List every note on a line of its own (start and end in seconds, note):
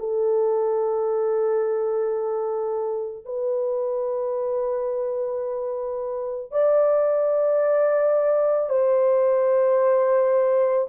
0.00 3.25 A4
3.25 6.52 B4
6.52 8.70 D5
8.70 10.88 C5